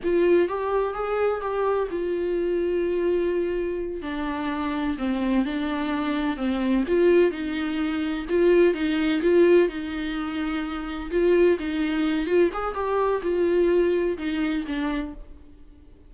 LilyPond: \new Staff \with { instrumentName = "viola" } { \time 4/4 \tempo 4 = 127 f'4 g'4 gis'4 g'4 | f'1~ | f'8 d'2 c'4 d'8~ | d'4. c'4 f'4 dis'8~ |
dis'4. f'4 dis'4 f'8~ | f'8 dis'2. f'8~ | f'8 dis'4. f'8 gis'8 g'4 | f'2 dis'4 d'4 | }